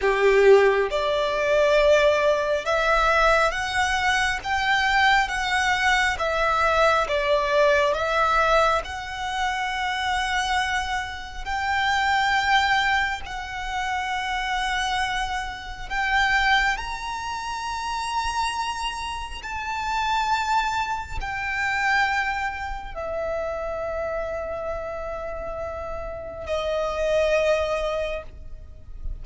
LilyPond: \new Staff \with { instrumentName = "violin" } { \time 4/4 \tempo 4 = 68 g'4 d''2 e''4 | fis''4 g''4 fis''4 e''4 | d''4 e''4 fis''2~ | fis''4 g''2 fis''4~ |
fis''2 g''4 ais''4~ | ais''2 a''2 | g''2 e''2~ | e''2 dis''2 | }